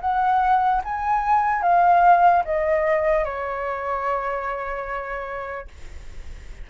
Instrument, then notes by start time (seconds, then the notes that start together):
flute
0.00 F#5
0.84 G#5
1.62 F5
2.44 D#5
3.24 C#5